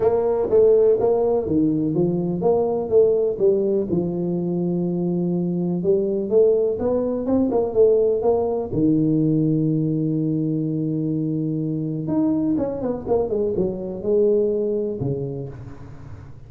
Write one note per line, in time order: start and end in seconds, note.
0.00 0.48 A#3
0.50 0.98 A3
1.00 1.46 A#3
1.46 1.94 D#3
1.94 2.41 F3
2.41 2.89 A#3
2.89 3.37 A3
3.38 3.87 G3
3.90 5.83 F3
5.83 6.29 G3
6.29 6.78 A3
6.79 7.25 B3
7.25 7.50 C4
7.51 7.73 A#3
7.73 8.22 A3
8.22 8.70 A#3
8.72 12.07 D#3
12.07 12.56 D#4
12.57 12.81 C#4
12.81 13.05 B3
13.07 13.29 A#3
13.29 13.53 G#3
13.56 14.02 F#3
14.02 14.99 G#3
15.00 15.48 C#3